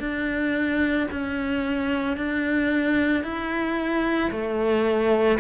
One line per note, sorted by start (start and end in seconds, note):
0.00 1.08 D4
1.12 2.17 C#4
2.17 3.24 D4
3.24 4.31 E4
4.31 5.39 A3